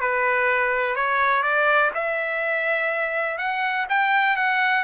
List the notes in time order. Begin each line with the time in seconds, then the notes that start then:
0.00 B4
0.95 C#5
1.42 D5
1.94 E5
3.38 F#5
3.89 G5
4.36 F#5